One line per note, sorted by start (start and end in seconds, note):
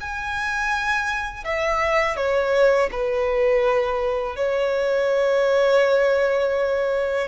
0.00 1.44 G#5
1.44 2.16 E5
2.16 2.89 C#5
2.91 4.35 B4
4.35 7.28 C#5